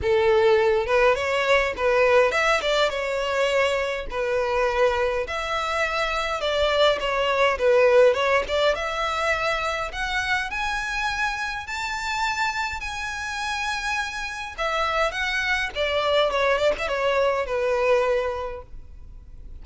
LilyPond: \new Staff \with { instrumentName = "violin" } { \time 4/4 \tempo 4 = 103 a'4. b'8 cis''4 b'4 | e''8 d''8 cis''2 b'4~ | b'4 e''2 d''4 | cis''4 b'4 cis''8 d''8 e''4~ |
e''4 fis''4 gis''2 | a''2 gis''2~ | gis''4 e''4 fis''4 d''4 | cis''8 d''16 e''16 cis''4 b'2 | }